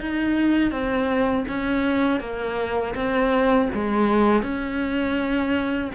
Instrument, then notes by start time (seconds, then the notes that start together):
cello
0.00 D#4
0.71 C4
1.48 C#4
2.20 A#3
2.95 C4
3.74 G#3
4.42 C#4